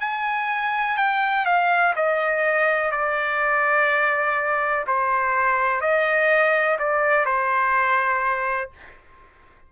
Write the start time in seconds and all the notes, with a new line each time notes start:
0.00 G#5
0.97 G5
1.45 F5
1.95 D#5
2.91 D5
4.87 C5
5.81 D#5
6.79 D5
7.25 C5